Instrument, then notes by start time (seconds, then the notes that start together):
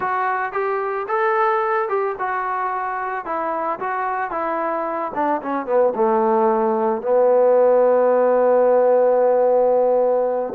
trombone
0.00 F#4
0.52 G4
1.08 A4
1.88 G4
2.19 F#4
3.25 E4
3.79 F#4
4.30 E4
5.14 D4
5.42 C#4
5.66 B3
5.95 A3
7.02 B3